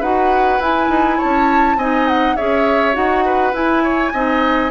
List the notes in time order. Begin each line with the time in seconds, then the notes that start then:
0.00 D#4 F#4 B4 F#5
0.59 E4 G#5
0.89 D#4
1.18 C#5 A5
1.24 C#4
1.76 C4 D#4 D#5 G#5
2.08 F#5
2.36 C#4 G#4 C#5 E5
2.93 D#4 F#4 F#5
3.25 B4
3.53 E4 G#5
3.83 C#5
4.13 C4 D#4 D#5